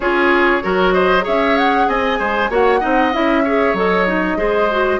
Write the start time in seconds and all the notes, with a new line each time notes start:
0.00 C#4 F4 G#4 C#5
0.62 F#3 F#4 A#4
0.93 C5 D#5
1.20 G#4 C#5
1.26 C#4 E5
1.57 F#5
1.88 C4 D#5 G#5
2.18 G#3 C5
2.49 A#3 F#4 C#5 F#5
2.79 C4 D#4 D#5
3.12 C#4 E4 E5
3.43 G#4 C#5
3.73 F#3 A4 D#5
4.07 D#4
4.36 G#3 G#4 C5
4.71 F#4